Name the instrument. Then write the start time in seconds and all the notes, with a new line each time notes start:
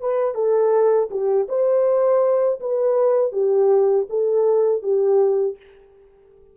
horn
0.00 B4
0.35 A4
1.10 G4
1.48 C5
2.60 B4
3.32 G4
4.09 A4
4.82 G4